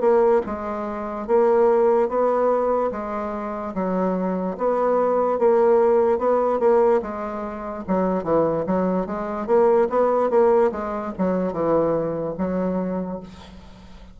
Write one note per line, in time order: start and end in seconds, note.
0.00 0.41 A#3
0.46 1.27 G#3
1.27 2.09 A#3
2.09 2.91 B3
2.91 3.74 G#3
3.74 4.57 F#3
4.57 5.39 B3
5.39 6.18 A#3
6.18 6.59 B3
6.59 7.00 A#3
7.02 7.84 G#3
7.88 8.23 F#3
8.23 8.65 E3
8.66 9.06 F#3
9.06 9.47 G#3
9.47 9.88 A#3
9.89 10.30 B3
10.30 10.71 A#3
10.71 11.13 G#3
11.18 11.53 F#3
11.53 12.35 E3
12.38 13.20 F#3